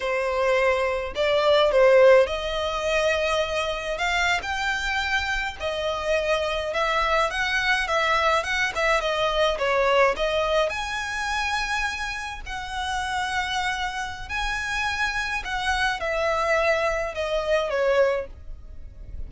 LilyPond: \new Staff \with { instrumentName = "violin" } { \time 4/4 \tempo 4 = 105 c''2 d''4 c''4 | dis''2. f''8. g''16~ | g''4.~ g''16 dis''2 e''16~ | e''8. fis''4 e''4 fis''8 e''8 dis''16~ |
dis''8. cis''4 dis''4 gis''4~ gis''16~ | gis''4.~ gis''16 fis''2~ fis''16~ | fis''4 gis''2 fis''4 | e''2 dis''4 cis''4 | }